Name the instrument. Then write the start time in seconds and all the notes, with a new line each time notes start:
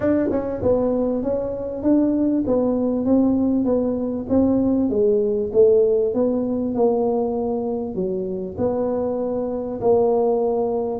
tuba
0.00 D4
0.31 C#4
0.62 B3
1.22 C#4
1.82 D4
2.46 B3
3.05 C4
3.64 B3
4.29 C4
4.89 G#3
5.52 A3
6.14 B3
6.74 A#3
7.95 F#3
8.57 B3
9.80 A#3